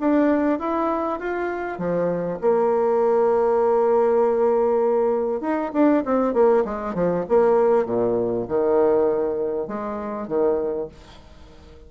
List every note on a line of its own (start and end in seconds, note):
0.00 0.59 D4
0.59 1.19 E4
1.19 1.78 F4
1.78 2.39 F3
2.41 5.41 A#3
5.41 5.71 D#4
5.73 6.03 D4
6.05 6.33 C4
6.33 6.64 A#3
6.64 6.94 G#3
6.94 7.24 F3
7.28 7.85 A#3
7.85 8.46 A#2
8.48 9.67 D#3
9.67 10.27 G#3
10.27 10.88 D#3